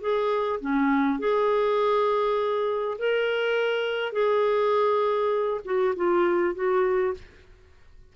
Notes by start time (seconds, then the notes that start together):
0.00 G#4
0.60 C#4
1.19 G#4
2.98 A#4
4.12 G#4
5.64 F#4
5.96 F4
6.54 F#4